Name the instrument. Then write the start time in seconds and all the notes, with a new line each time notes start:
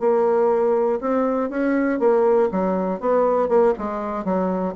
bassoon
0.00 A#3
1.00 C4
1.50 C#4
2.00 A#3
2.52 F#3
3.00 B3
3.48 A#3
3.78 G#3
4.25 F#3